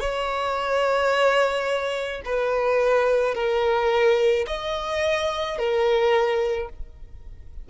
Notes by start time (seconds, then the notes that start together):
0.00 C#5
2.25 B4
3.35 A#4
4.47 D#5
5.58 A#4